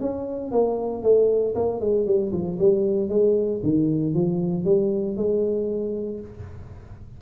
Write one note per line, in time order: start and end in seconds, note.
0.00 0.51 C#4
0.51 1.03 A#3
1.03 1.54 A3
1.55 1.80 A#3
1.80 2.06 G#3
2.06 2.32 G3
2.32 2.58 F3
2.59 3.09 G3
3.09 3.60 G#3
3.63 4.14 D#3
4.14 4.65 F3
4.65 5.16 G3
5.17 6.20 G#3